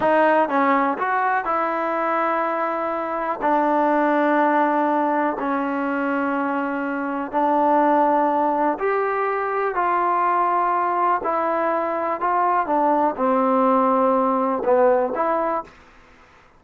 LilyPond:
\new Staff \with { instrumentName = "trombone" } { \time 4/4 \tempo 4 = 123 dis'4 cis'4 fis'4 e'4~ | e'2. d'4~ | d'2. cis'4~ | cis'2. d'4~ |
d'2 g'2 | f'2. e'4~ | e'4 f'4 d'4 c'4~ | c'2 b4 e'4 | }